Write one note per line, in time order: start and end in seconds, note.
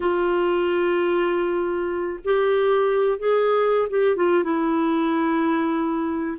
0.00 2.19 F4
2.24 3.18 G4
3.18 3.88 G#4
3.89 4.16 G4
4.16 4.43 F4
4.43 6.37 E4